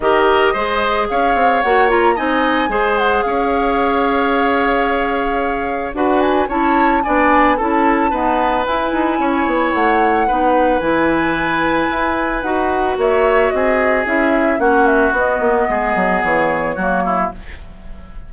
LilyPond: <<
  \new Staff \with { instrumentName = "flute" } { \time 4/4 \tempo 4 = 111 dis''2 f''4 fis''8 ais''8 | gis''4. fis''8 f''2~ | f''2. fis''8 gis''8 | a''4 gis''4 a''2 |
gis''2 fis''2 | gis''2. fis''4 | e''4 dis''4 e''4 fis''8 e''8 | dis''2 cis''2 | }
  \new Staff \with { instrumentName = "oboe" } { \time 4/4 ais'4 c''4 cis''2 | dis''4 c''4 cis''2~ | cis''2. b'4 | cis''4 d''4 a'4 b'4~ |
b'4 cis''2 b'4~ | b'1 | cis''4 gis'2 fis'4~ | fis'4 gis'2 fis'8 e'8 | }
  \new Staff \with { instrumentName = "clarinet" } { \time 4/4 g'4 gis'2 fis'8 f'8 | dis'4 gis'2.~ | gis'2. fis'4 | e'4 d'4 e'4 b4 |
e'2. dis'4 | e'2. fis'4~ | fis'2 e'4 cis'4 | b2. ais4 | }
  \new Staff \with { instrumentName = "bassoon" } { \time 4/4 dis4 gis4 cis'8 c'8 ais4 | c'4 gis4 cis'2~ | cis'2. d'4 | cis'4 b4 cis'4 dis'4 |
e'8 dis'8 cis'8 b8 a4 b4 | e2 e'4 dis'4 | ais4 c'4 cis'4 ais4 | b8 ais8 gis8 fis8 e4 fis4 | }
>>